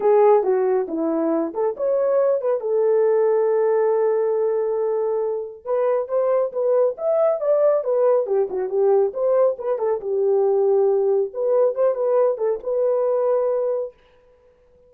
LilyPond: \new Staff \with { instrumentName = "horn" } { \time 4/4 \tempo 4 = 138 gis'4 fis'4 e'4. a'8 | cis''4. b'8 a'2~ | a'1~ | a'4 b'4 c''4 b'4 |
e''4 d''4 b'4 g'8 fis'8 | g'4 c''4 b'8 a'8 g'4~ | g'2 b'4 c''8 b'8~ | b'8 a'8 b'2. | }